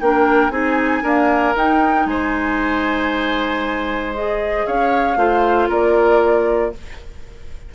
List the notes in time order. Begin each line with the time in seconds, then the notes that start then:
0.00 A#3 D4 A#4 G5
0.49 C4 D#4 G#4 G#5
1.02 A#3 D4 A#4
1.55 D#4 G5
2.05 G#3 C5 G#5
4.14 G#4 D#5
4.66 C#4 C#5 F5
5.16 A3 F4 C5
5.68 A#3 A#4 D5